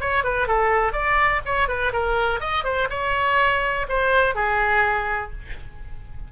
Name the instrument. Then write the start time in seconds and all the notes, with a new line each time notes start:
oboe
0.00 C#5
0.24 B4
0.47 A4
0.93 D5
1.45 C#5
1.68 B4
1.93 A#4
2.40 D#5
2.64 C5
2.90 C#5
3.88 C5
4.35 G#4